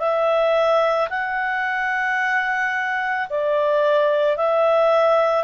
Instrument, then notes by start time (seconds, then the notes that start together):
clarinet
0.00 E5
1.10 F#5
3.30 D5
4.37 E5